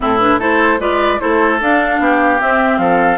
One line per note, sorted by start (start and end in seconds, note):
0.00 0.39 A2
0.00 0.19 C4
0.00 0.39 E4
0.00 0.18 A4
0.18 0.39 D4
0.18 0.38 B4
0.39 0.79 A3
0.39 0.79 E4
0.39 0.79 A4
0.39 0.80 C5
0.79 1.19 G#3
0.79 1.19 F4
0.79 1.20 B4
0.79 1.20 D5
1.19 1.61 A3
1.19 1.59 E4
1.19 2.00 A4
1.19 1.60 C5
1.61 1.99 D4
1.61 2.39 D4
1.61 2.41 F5
1.99 2.39 B3
1.99 2.80 G4
2.39 3.18 C4
2.39 2.78 C4
2.39 2.78 E5
2.78 3.18 F3
2.78 3.18 A4
2.78 3.18 F5